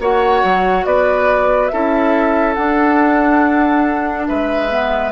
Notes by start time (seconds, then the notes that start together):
0.00 A#3 F#4 C#5 F#5
0.44 F#3
0.86 B3 B4 D5
1.68 C#4 E4 A4 E5
2.54 D4 F#5
4.28 G#3 B4 E5
4.69 B3